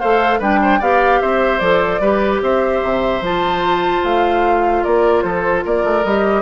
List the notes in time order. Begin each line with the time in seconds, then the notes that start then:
0.00 A3 A4 C5 F5
0.39 G3 D4 B4 G5
0.62 C5
0.79 B3 G4 D5 F5
1.21 C4 C5 E5
1.59 F3 A4 D5
2.00 G3 G4 B4
2.42 C4 C5 E5
2.83 C3
3.21 F3 F4 A5
4.04 A3 F5
4.84 A#3 A#4 D5
5.22 F3 A4 C5
5.65 A#3 A#4 D5
5.85 A3
6.04 G3 G4 D#5